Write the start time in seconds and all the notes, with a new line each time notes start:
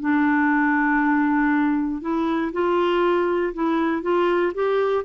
0.00 D4
2.02 E4
2.53 F4
3.54 E4
4.02 F4
4.54 G4